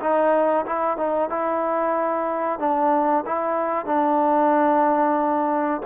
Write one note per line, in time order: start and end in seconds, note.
0.00 0.65 D#4
0.66 0.97 E4
0.97 1.30 D#4
1.30 2.59 E4
2.59 3.25 D4
3.26 3.86 E4
3.86 5.82 D4